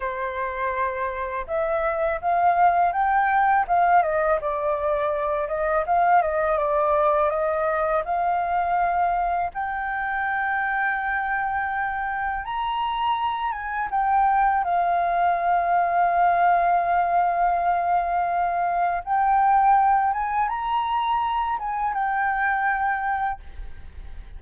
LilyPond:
\new Staff \with { instrumentName = "flute" } { \time 4/4 \tempo 4 = 82 c''2 e''4 f''4 | g''4 f''8 dis''8 d''4. dis''8 | f''8 dis''8 d''4 dis''4 f''4~ | f''4 g''2.~ |
g''4 ais''4. gis''8 g''4 | f''1~ | f''2 g''4. gis''8 | ais''4. gis''8 g''2 | }